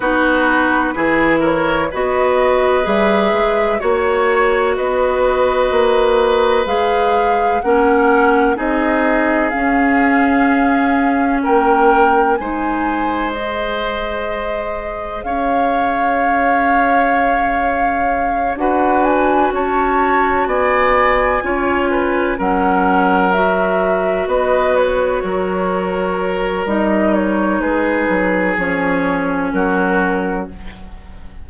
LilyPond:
<<
  \new Staff \with { instrumentName = "flute" } { \time 4/4 \tempo 4 = 63 b'4. cis''8 dis''4 e''4 | cis''4 dis''2 f''4 | fis''4 dis''4 f''2 | g''4 gis''4 dis''2 |
f''2.~ f''8 fis''8 | gis''8 a''4 gis''2 fis''8~ | fis''8 e''4 dis''8 cis''2 | dis''8 cis''8 b'4 cis''4 ais'4 | }
  \new Staff \with { instrumentName = "oboe" } { \time 4/4 fis'4 gis'8 ais'8 b'2 | cis''4 b'2. | ais'4 gis'2. | ais'4 c''2. |
cis''2.~ cis''8 b'8~ | b'8 cis''4 d''4 cis''8 b'8 ais'8~ | ais'4. b'4 ais'4.~ | ais'4 gis'2 fis'4 | }
  \new Staff \with { instrumentName = "clarinet" } { \time 4/4 dis'4 e'4 fis'4 gis'4 | fis'2. gis'4 | cis'4 dis'4 cis'2~ | cis'4 dis'4 gis'2~ |
gis'2.~ gis'8 fis'8~ | fis'2~ fis'8 f'4 cis'8~ | cis'8 fis'2.~ fis'8 | dis'2 cis'2 | }
  \new Staff \with { instrumentName = "bassoon" } { \time 4/4 b4 e4 b4 g8 gis8 | ais4 b4 ais4 gis4 | ais4 c'4 cis'2 | ais4 gis2. |
cis'2.~ cis'8 d'8~ | d'8 cis'4 b4 cis'4 fis8~ | fis4. b4 fis4. | g4 gis8 fis8 f4 fis4 | }
>>